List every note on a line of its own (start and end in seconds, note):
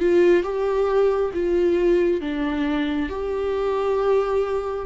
0.00 0.43 F4
0.43 1.32 G4
1.34 2.21 F4
2.21 3.09 D4
3.10 4.86 G4